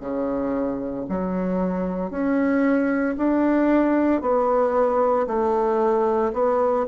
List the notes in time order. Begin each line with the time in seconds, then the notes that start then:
0.00 C#3
1.09 F#3
2.11 C#4
3.17 D4
4.22 B3
5.27 A3
6.33 B3